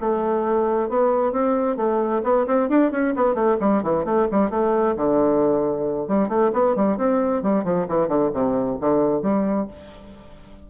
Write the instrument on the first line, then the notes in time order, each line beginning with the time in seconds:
bassoon
0.00 A3
0.89 B3
1.32 C4
1.77 A3
2.24 B3
2.46 C4
2.69 D4
2.91 C#4
3.16 B3
3.34 A3
3.60 G3
3.83 E3
4.05 A3
4.31 G3
4.50 A3
4.96 D3
6.08 G3
6.29 A3
6.53 B3
6.76 G3
6.97 C4
7.43 G3
7.64 F3
7.88 E3
8.08 D3
8.33 C3
8.81 D3
9.22 G3